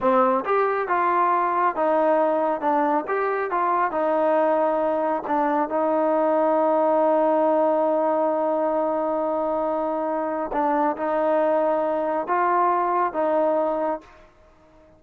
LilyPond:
\new Staff \with { instrumentName = "trombone" } { \time 4/4 \tempo 4 = 137 c'4 g'4 f'2 | dis'2 d'4 g'4 | f'4 dis'2. | d'4 dis'2.~ |
dis'1~ | dis'1 | d'4 dis'2. | f'2 dis'2 | }